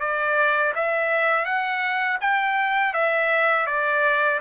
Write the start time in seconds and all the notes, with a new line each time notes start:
0.00 D5
0.75 E5
1.45 F#5
2.21 G5
2.93 E5
3.66 D5